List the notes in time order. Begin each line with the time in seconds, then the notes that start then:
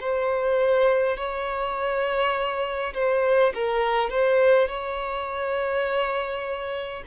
0.00 C5
1.17 C#5
2.94 C5
3.54 A#4
4.10 C5
4.68 C#5